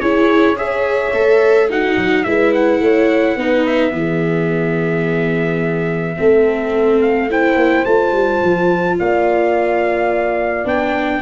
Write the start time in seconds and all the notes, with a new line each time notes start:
0.00 C#4 E4 G#4 C#5
0.56 G#4 C#5 E5
1.13 A3 A4
1.69 D#4 F#4 F#5
1.97 F#3
2.24 G#3 E4 B4 E5
2.53 F#5
2.80 A3 C#5
3.36 B3 D#4 B4
3.66 E5
3.90 E3 B3
3.97 G#4
6.16 A3 C4 A4
7.02 F5
7.30 E4 C5 G5
7.55 A#3
7.85 A3 F4 A5
8.12 G3
8.43 F3
8.99 A#3 D5 F5
10.64 B3 D4 G5